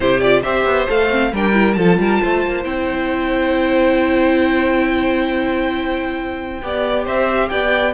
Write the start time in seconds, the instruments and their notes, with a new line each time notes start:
0.00 cello C3, viola E4, violin G4 C5
0.20 viola F4, violin D5
0.42 cello C4, viola G4, violin C5 E5
0.65 cello B3
0.87 cello A3, viola A4, violin F5
1.09 viola C4
1.32 cello G3, viola D4, violin A#4 G5
1.52 viola E4
1.73 cello F3, viola F4, violin A4 A5
1.97 cello G3, violin A#4
2.22 cello A3, violin C5
2.45 cello A#3
2.63 cello C4, viola E4, violin G5
6.62 cello B3, viola G4, violin D5
7.04 cello C4, violin C5 E5
7.49 cello B3, violin D5 G5